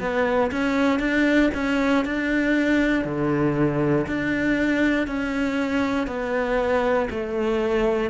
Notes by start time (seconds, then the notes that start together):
0.00 B3
0.51 C#4
0.99 D4
1.54 C#4
2.05 D4
3.04 D3
4.07 D4
5.07 C#4
6.07 B3
7.10 A3